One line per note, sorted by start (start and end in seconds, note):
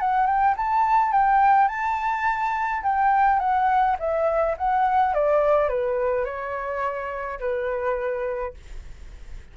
0.00 0.26 F#5
0.26 0.55 G5
0.57 1.12 A5
1.12 1.68 G5
1.68 2.83 A5
2.83 3.39 G5
3.39 3.97 F#5
3.99 4.56 E5
4.58 5.14 F#5
5.14 5.69 D5
5.69 6.25 B4
6.25 7.39 C#5
7.40 8.54 B4